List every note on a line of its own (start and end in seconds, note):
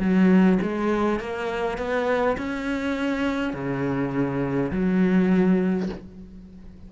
0.00 0.59 F#3
0.63 1.20 G#3
1.20 1.78 A#3
1.78 2.37 B3
2.37 3.53 C#4
3.53 4.71 C#3
4.72 5.89 F#3